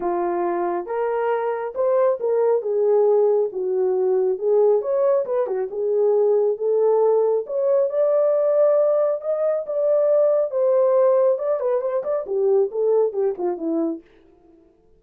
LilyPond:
\new Staff \with { instrumentName = "horn" } { \time 4/4 \tempo 4 = 137 f'2 ais'2 | c''4 ais'4 gis'2 | fis'2 gis'4 cis''4 | b'8 fis'8 gis'2 a'4~ |
a'4 cis''4 d''2~ | d''4 dis''4 d''2 | c''2 d''8 b'8 c''8 d''8 | g'4 a'4 g'8 f'8 e'4 | }